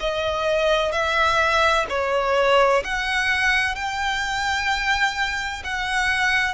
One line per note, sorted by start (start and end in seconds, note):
0.00 0.92 D#5
0.92 1.86 E5
1.89 2.83 C#5
2.84 3.75 F#5
3.75 5.62 G5
5.64 6.54 F#5